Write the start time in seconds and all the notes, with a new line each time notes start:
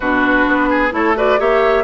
0.00 B2 D4 F#4 B4
0.46 B3
0.69 G#4
0.91 A3 E4 A4 C#5
1.16 F#4 B4 D5
1.38 A#3 G4 C#5 E5